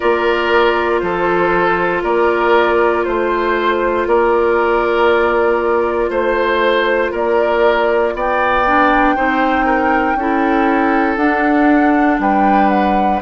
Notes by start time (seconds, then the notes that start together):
0.00 A#3 F4 A#4 D5
0.99 F3 A4 C5
2.03 A#3 A#4 D5
3.04 A3 C5
4.06 A#3 A#4 D5
6.10 A3 C5
7.11 A#3 A#4 D5
8.14 B3 D5 G5
8.66 D4
9.15 C4 D#4 C5
9.65 A#4
10.15 C#4 E4 A4
11.16 D4 F#5
12.19 G3 B4 G5
12.68 F#5